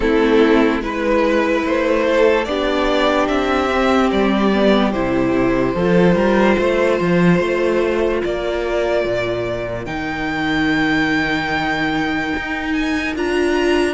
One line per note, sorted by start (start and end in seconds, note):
0.00 0.79 A3
0.00 0.81 C4
0.00 0.82 E4
0.00 0.82 A4
0.79 1.62 G#3
0.79 2.45 E4
0.79 2.05 B4
0.79 1.65 B4
1.65 2.46 A3
1.65 2.44 C5
2.07 2.48 A4
2.44 3.28 B3
2.44 3.69 D4
2.44 5.74 G4
2.44 3.26 D5
3.27 4.10 C4
3.27 4.10 E5
3.69 4.51 C4
4.11 4.94 G3
4.11 4.92 D5
4.52 4.93 B3
4.92 5.74 C3
4.92 5.76 E4
4.92 8.21 C5
5.74 6.15 F3
5.74 9.85 F4
5.74 6.15 A4
6.15 6.56 G3
6.15 6.56 A#4
6.58 6.99 A3
6.58 8.21 C5
7.00 7.39 F3
7.39 8.21 A3
8.21 9.04 A#3
8.21 13.93 A#4
8.21 9.85 D5
9.04 9.86 A#2
9.85 12.33 D#3
9.85 13.14 D#4
9.85 12.72 G5
12.36 13.16 D#4
12.72 13.13 G#5
13.15 13.93 D4
13.15 13.93 F4
13.15 13.93 A#5